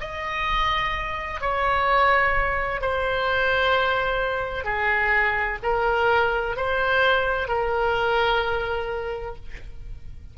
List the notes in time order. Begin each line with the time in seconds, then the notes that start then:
0.00 D#5
1.41 C#5
2.81 C5
4.64 G#4
5.62 A#4
6.56 C5
7.48 A#4